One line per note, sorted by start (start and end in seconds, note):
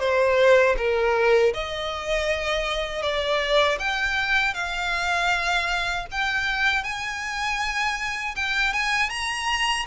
0.00 0.76 C5
0.77 1.53 A#4
1.54 3.03 D#5
3.03 3.79 D5
3.79 4.54 G5
4.54 6.06 F5
6.12 6.84 G5
6.84 8.36 G#5
8.36 8.73 G5
8.73 9.10 G#5
9.10 9.86 A#5